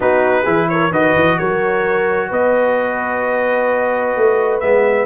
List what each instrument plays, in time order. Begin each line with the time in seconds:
0.00 tuba B3, trombone D#4, horn F#4, trumpet B4
0.42 tuba E3, trombone E4, horn G#4
0.68 horn A#4, trumpet C#5
0.90 tuba D#3, trombone F#4, horn B4, trumpet D#5
1.15 tuba E3
1.38 tuba F#3, horn A#4, trumpet C#5
2.29 tuba B3, horn B4, trumpet D#5
4.16 tuba A3
4.59 tuba G#3, trombone B3, trumpet E5